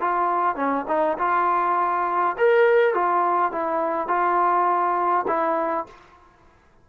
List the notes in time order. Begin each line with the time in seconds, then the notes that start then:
0.00 F4
0.56 C#4
0.88 D#4
1.18 F4
2.38 A#4
2.94 F4
3.52 E4
4.08 F4
5.27 E4